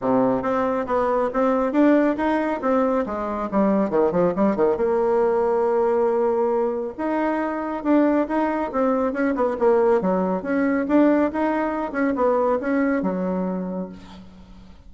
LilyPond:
\new Staff \with { instrumentName = "bassoon" } { \time 4/4 \tempo 4 = 138 c4 c'4 b4 c'4 | d'4 dis'4 c'4 gis4 | g4 dis8 f8 g8 dis8 ais4~ | ais1 |
dis'2 d'4 dis'4 | c'4 cis'8 b8 ais4 fis4 | cis'4 d'4 dis'4. cis'8 | b4 cis'4 fis2 | }